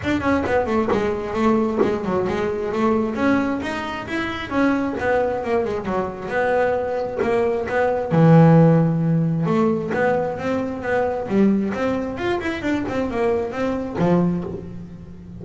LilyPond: \new Staff \with { instrumentName = "double bass" } { \time 4/4 \tempo 4 = 133 d'8 cis'8 b8 a8 gis4 a4 | gis8 fis8 gis4 a4 cis'4 | dis'4 e'4 cis'4 b4 | ais8 gis8 fis4 b2 |
ais4 b4 e2~ | e4 a4 b4 c'4 | b4 g4 c'4 f'8 e'8 | d'8 c'8 ais4 c'4 f4 | }